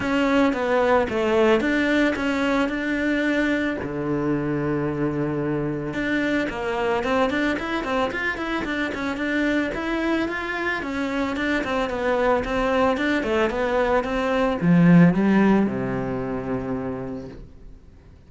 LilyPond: \new Staff \with { instrumentName = "cello" } { \time 4/4 \tempo 4 = 111 cis'4 b4 a4 d'4 | cis'4 d'2 d4~ | d2. d'4 | ais4 c'8 d'8 e'8 c'8 f'8 e'8 |
d'8 cis'8 d'4 e'4 f'4 | cis'4 d'8 c'8 b4 c'4 | d'8 a8 b4 c'4 f4 | g4 c2. | }